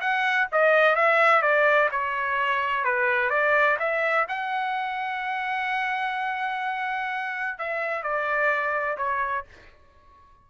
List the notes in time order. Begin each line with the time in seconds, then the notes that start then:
0.00 F#5
0.52 D#5
0.96 E5
1.42 D5
1.91 C#5
2.84 B4
3.30 D5
3.79 E5
4.28 F#5
7.58 E5
8.03 D5
8.97 C#5